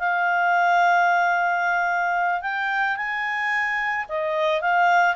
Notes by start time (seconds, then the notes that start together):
0.00 F5
2.42 G5
2.97 G#5
4.09 D#5
4.62 F5